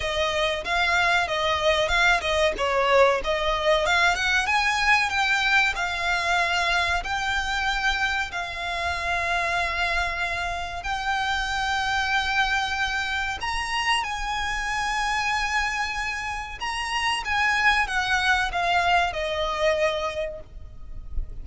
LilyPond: \new Staff \with { instrumentName = "violin" } { \time 4/4 \tempo 4 = 94 dis''4 f''4 dis''4 f''8 dis''8 | cis''4 dis''4 f''8 fis''8 gis''4 | g''4 f''2 g''4~ | g''4 f''2.~ |
f''4 g''2.~ | g''4 ais''4 gis''2~ | gis''2 ais''4 gis''4 | fis''4 f''4 dis''2 | }